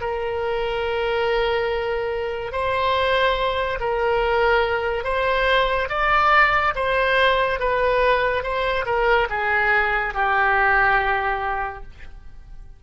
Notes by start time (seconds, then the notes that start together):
0.00 A#4
2.52 C5
3.80 A#4
5.04 C5
5.89 D5
6.75 C5
7.59 B4
8.43 C5
8.85 A#4
9.29 G#4
10.14 G4